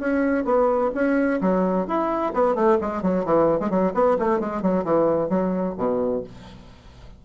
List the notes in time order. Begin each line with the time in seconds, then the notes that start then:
0.00 C#4
0.45 B3
0.95 C#4
1.41 F#3
1.87 E4
2.34 B3
2.55 A3
2.81 G#3
3.02 F#3
3.25 E3
3.60 G#3
3.70 F#3
3.94 B3
4.19 A3
4.40 G#3
4.62 F#3
4.84 E3
5.29 F#3
5.78 B2